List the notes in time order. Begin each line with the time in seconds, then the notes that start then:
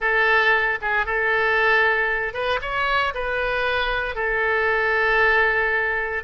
0.00 A4
0.81 G#4
1.06 A4
2.33 B4
2.61 C#5
3.14 B4
4.15 A4